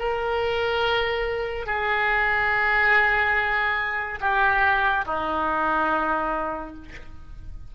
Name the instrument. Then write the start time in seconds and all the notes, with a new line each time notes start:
oboe
0.00 A#4
1.67 G#4
4.21 G4
5.06 D#4